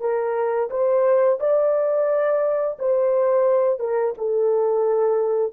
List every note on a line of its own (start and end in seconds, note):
0.00 0.69 A#4
0.70 1.39 C5
1.39 2.77 D5
2.79 3.79 C5
3.79 4.14 A#4
4.17 5.53 A4